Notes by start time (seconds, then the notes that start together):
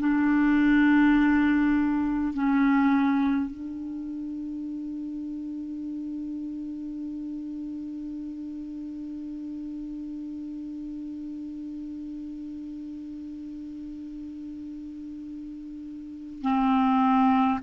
0.00 D4
2.34 C#4
3.51 D4
16.42 C4